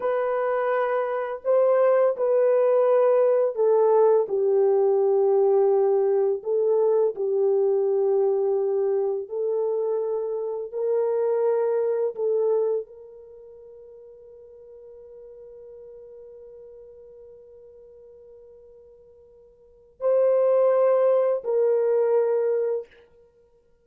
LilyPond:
\new Staff \with { instrumentName = "horn" } { \time 4/4 \tempo 4 = 84 b'2 c''4 b'4~ | b'4 a'4 g'2~ | g'4 a'4 g'2~ | g'4 a'2 ais'4~ |
ais'4 a'4 ais'2~ | ais'1~ | ais'1 | c''2 ais'2 | }